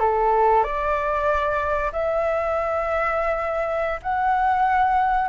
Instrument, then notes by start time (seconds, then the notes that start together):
flute
0.00 A4
0.64 D5
1.93 E5
4.03 F#5